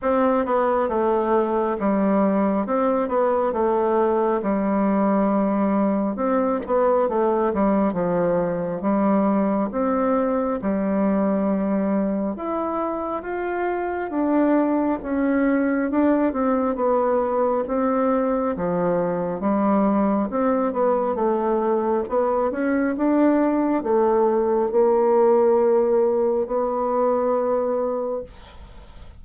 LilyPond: \new Staff \with { instrumentName = "bassoon" } { \time 4/4 \tempo 4 = 68 c'8 b8 a4 g4 c'8 b8 | a4 g2 c'8 b8 | a8 g8 f4 g4 c'4 | g2 e'4 f'4 |
d'4 cis'4 d'8 c'8 b4 | c'4 f4 g4 c'8 b8 | a4 b8 cis'8 d'4 a4 | ais2 b2 | }